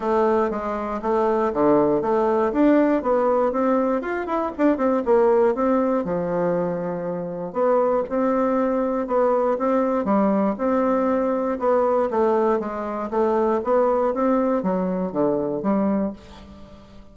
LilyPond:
\new Staff \with { instrumentName = "bassoon" } { \time 4/4 \tempo 4 = 119 a4 gis4 a4 d4 | a4 d'4 b4 c'4 | f'8 e'8 d'8 c'8 ais4 c'4 | f2. b4 |
c'2 b4 c'4 | g4 c'2 b4 | a4 gis4 a4 b4 | c'4 fis4 d4 g4 | }